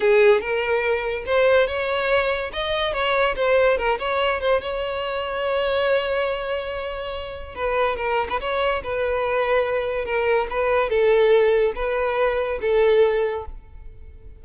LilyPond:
\new Staff \with { instrumentName = "violin" } { \time 4/4 \tempo 4 = 143 gis'4 ais'2 c''4 | cis''2 dis''4 cis''4 | c''4 ais'8 cis''4 c''8 cis''4~ | cis''1~ |
cis''2 b'4 ais'8. b'16 | cis''4 b'2. | ais'4 b'4 a'2 | b'2 a'2 | }